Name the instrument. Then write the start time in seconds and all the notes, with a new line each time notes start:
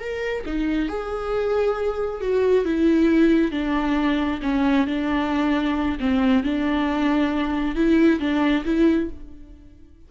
viola
0.00 A#4
0.46 D#4
0.88 G#4
2.21 F#4
2.65 E4
3.52 D4
4.42 C#4
4.87 D4
6.00 C4
6.43 D4
7.76 E4
8.20 D4
8.65 E4